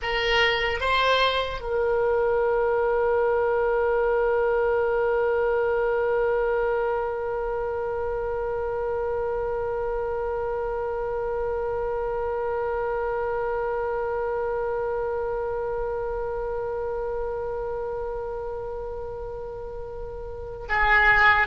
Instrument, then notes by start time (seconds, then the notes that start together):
oboe
0.01 A#4
0.80 C5
1.60 A#4
20.68 G#4